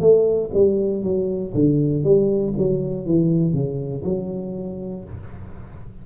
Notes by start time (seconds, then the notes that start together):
0.00 A3
0.53 G3
1.03 F#3
1.54 D3
2.03 G3
2.58 F#3
3.05 E3
3.53 C#3
4.04 F#3